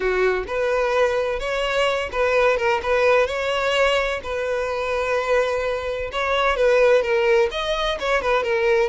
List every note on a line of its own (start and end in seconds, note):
0.00 0.44 F#4
0.47 1.39 B4
1.39 2.09 C#5
2.12 2.57 B4
2.57 2.80 A#4
2.83 3.26 B4
3.26 4.20 C#5
4.23 6.10 B4
6.12 6.56 C#5
6.56 7.02 B4
7.02 7.49 A#4
7.51 7.98 D#5
7.99 8.21 C#5
8.21 8.43 B4
8.43 8.89 A#4